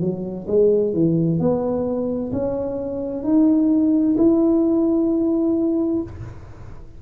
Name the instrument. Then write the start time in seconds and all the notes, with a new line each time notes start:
tuba
0.00 F#3
0.47 G#3
0.93 E3
1.39 B3
2.32 C#4
3.23 D#4
4.17 E4